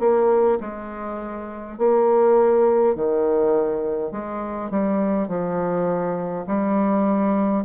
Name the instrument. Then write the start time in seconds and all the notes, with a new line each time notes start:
bassoon
0.00 A#3
0.61 G#3
1.78 A#3
2.96 D#3
4.12 G#3
4.71 G3
5.28 F3
6.47 G3